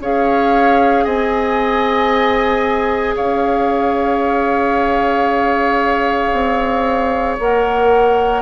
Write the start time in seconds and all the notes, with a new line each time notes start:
0.00 C#4 G#4 C#5 F5
1.05 C4 D#5 G#5
3.16 C#4 C#5 F5
6.33 C4
7.40 A#3 A#4 F#5